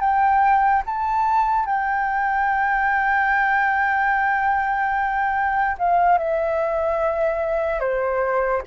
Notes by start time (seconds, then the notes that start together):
0.00 G5
0.86 A5
1.66 G5
5.78 F5
6.18 E5
7.80 C5